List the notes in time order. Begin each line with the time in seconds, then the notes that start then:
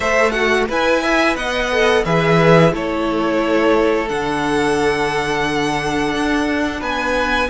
0.00 A3 A4 C5 E5
0.31 F#4 F#5
0.68 E4 B4 G#5
1.02 E5
1.36 B3 D#5 F#5
1.71 A4
2.04 E3 G#4 B4 E5
2.71 A3 E4 A4 C#5
4.08 D3 D4 F#5
6.14 D4
6.79 B3 B4 G#5